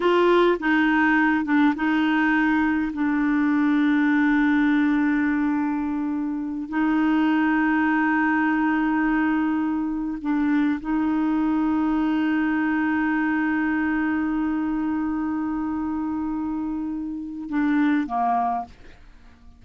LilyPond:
\new Staff \with { instrumentName = "clarinet" } { \time 4/4 \tempo 4 = 103 f'4 dis'4. d'8 dis'4~ | dis'4 d'2.~ | d'2.~ d'8 dis'8~ | dis'1~ |
dis'4. d'4 dis'4.~ | dis'1~ | dis'1~ | dis'2 d'4 ais4 | }